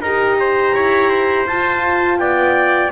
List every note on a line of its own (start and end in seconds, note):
0.00 0.72 D#4
0.00 1.50 G4
0.00 0.37 A#4
0.00 1.46 A#5
0.39 0.74 C5
0.74 1.46 E4
0.74 1.09 C#5
1.09 2.18 C5
1.46 2.18 F4
1.46 2.92 F4
1.46 2.18 A5
2.18 2.91 B3
2.18 2.92 D5
2.18 2.90 G5